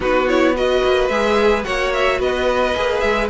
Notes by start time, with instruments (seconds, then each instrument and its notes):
0.00 cello B3, viola D#4, violin F#4 B4
0.28 viola E4, violin C#5
0.55 viola F#4, violin B4 D#5
0.84 cello A#3
1.08 cello G#3, viola G#4, violin E5
1.64 cello A#3, viola F#4, violin C#5 F#5
1.93 violin E5
2.19 cello B3, violin B4 D#5
2.74 cello A#3, viola G#4
2.99 cello G#3, violin E5